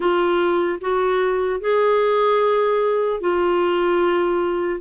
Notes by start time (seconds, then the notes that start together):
0.00 F4
0.80 F#4
1.60 G#4
3.20 F4